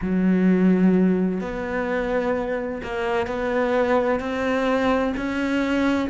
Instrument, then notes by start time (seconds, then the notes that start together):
cello
0.01 F#3
1.41 B3
2.83 A#3
3.26 B3
4.20 C4
5.16 C#4